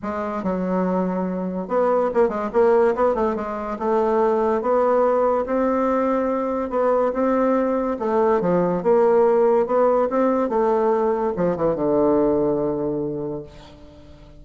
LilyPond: \new Staff \with { instrumentName = "bassoon" } { \time 4/4 \tempo 4 = 143 gis4 fis2. | b4 ais8 gis8 ais4 b8 a8 | gis4 a2 b4~ | b4 c'2. |
b4 c'2 a4 | f4 ais2 b4 | c'4 a2 f8 e8 | d1 | }